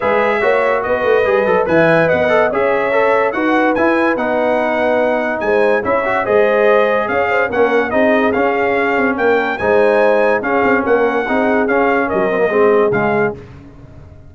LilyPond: <<
  \new Staff \with { instrumentName = "trumpet" } { \time 4/4 \tempo 4 = 144 e''2 dis''2 | gis''4 fis''4 e''2 | fis''4 gis''4 fis''2~ | fis''4 gis''4 e''4 dis''4~ |
dis''4 f''4 fis''4 dis''4 | f''2 g''4 gis''4~ | gis''4 f''4 fis''2 | f''4 dis''2 f''4 | }
  \new Staff \with { instrumentName = "horn" } { \time 4/4 b'4 cis''4 b'2 | e''4 dis''4 cis''2 | b'1~ | b'4 c''4 cis''4 c''4~ |
c''4 cis''8 c''8 ais'4 gis'4~ | gis'2 ais'4 c''4~ | c''4 gis'4 ais'4 gis'4~ | gis'4 ais'4 gis'2 | }
  \new Staff \with { instrumentName = "trombone" } { \time 4/4 gis'4 fis'2 gis'8 a'8 | b'4. a'8 gis'4 a'4 | fis'4 e'4 dis'2~ | dis'2 e'8 fis'8 gis'4~ |
gis'2 cis'4 dis'4 | cis'2. dis'4~ | dis'4 cis'2 dis'4 | cis'4. c'16 ais16 c'4 gis4 | }
  \new Staff \with { instrumentName = "tuba" } { \time 4/4 gis4 ais4 b8 a8 g8 fis8 | e4 b4 cis'2 | dis'4 e'4 b2~ | b4 gis4 cis'4 gis4~ |
gis4 cis'4 ais4 c'4 | cis'4. c'8 ais4 gis4~ | gis4 cis'8 c'8 ais4 c'4 | cis'4 fis4 gis4 cis4 | }
>>